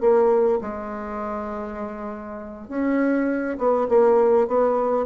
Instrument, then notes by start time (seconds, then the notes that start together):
bassoon
0.00 A#3
0.61 G#3
2.68 C#4
3.58 B3
3.89 A#3
4.47 B3